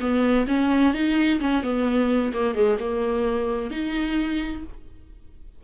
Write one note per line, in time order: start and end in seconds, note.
0.00 0.46 B3
0.47 0.94 C#4
0.94 1.40 D#4
1.40 1.63 C#4
1.63 2.32 B3
2.33 2.55 A#3
2.55 2.78 G#3
2.79 3.71 A#3
3.71 4.63 D#4